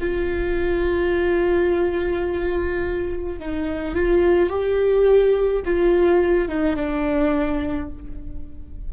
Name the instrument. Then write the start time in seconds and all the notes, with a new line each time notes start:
viola
0.00 F4
3.39 D#4
3.95 F4
4.49 G4
5.65 F4
6.48 D#4
6.76 D4